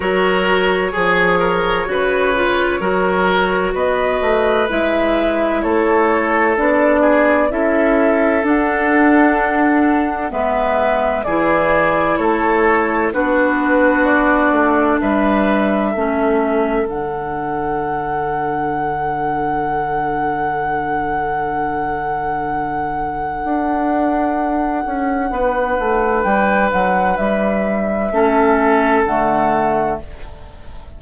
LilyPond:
<<
  \new Staff \with { instrumentName = "flute" } { \time 4/4 \tempo 4 = 64 cis''1 | dis''4 e''4 cis''4 d''4 | e''4 fis''2 e''4 | d''4 cis''4 b'4 d''4 |
e''2 fis''2~ | fis''1~ | fis''1 | g''8 fis''8 e''2 fis''4 | }
  \new Staff \with { instrumentName = "oboe" } { \time 4/4 ais'4 gis'8 ais'8 b'4 ais'4 | b'2 a'4. gis'8 | a'2. b'4 | gis'4 a'4 fis'2 |
b'4 a'2.~ | a'1~ | a'2. b'4~ | b'2 a'2 | }
  \new Staff \with { instrumentName = "clarinet" } { \time 4/4 fis'4 gis'4 fis'8 f'8 fis'4~ | fis'4 e'2 d'4 | e'4 d'2 b4 | e'2 d'2~ |
d'4 cis'4 d'2~ | d'1~ | d'1~ | d'2 cis'4 a4 | }
  \new Staff \with { instrumentName = "bassoon" } { \time 4/4 fis4 f4 cis4 fis4 | b8 a8 gis4 a4 b4 | cis'4 d'2 gis4 | e4 a4 b4. a8 |
g4 a4 d2~ | d1~ | d4 d'4. cis'8 b8 a8 | g8 fis8 g4 a4 d4 | }
>>